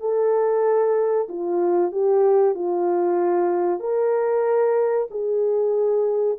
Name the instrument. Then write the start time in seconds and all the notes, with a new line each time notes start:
horn
0.00 A4
1.28 F4
1.91 G4
2.54 F4
3.79 A#4
5.10 G#4